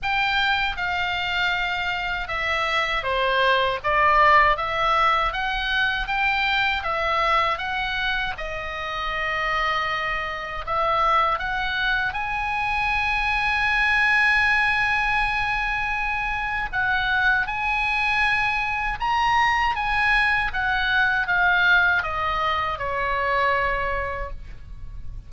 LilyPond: \new Staff \with { instrumentName = "oboe" } { \time 4/4 \tempo 4 = 79 g''4 f''2 e''4 | c''4 d''4 e''4 fis''4 | g''4 e''4 fis''4 dis''4~ | dis''2 e''4 fis''4 |
gis''1~ | gis''2 fis''4 gis''4~ | gis''4 ais''4 gis''4 fis''4 | f''4 dis''4 cis''2 | }